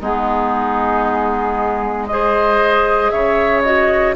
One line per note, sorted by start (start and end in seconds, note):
0.00 3.11 G#3
0.00 2.09 B3
0.00 2.07 D#4
0.00 2.06 G#4
2.06 3.64 G#4
2.06 3.12 C5
2.06 3.09 D#5
3.09 4.15 C#3
3.09 4.15 C#5
3.09 3.61 E5
3.62 4.15 F#4
3.62 4.14 D#5